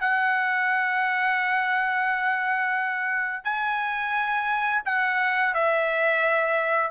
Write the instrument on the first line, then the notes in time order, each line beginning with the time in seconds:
trumpet
0.00 F#5
3.44 G#5
4.85 F#5
5.54 E5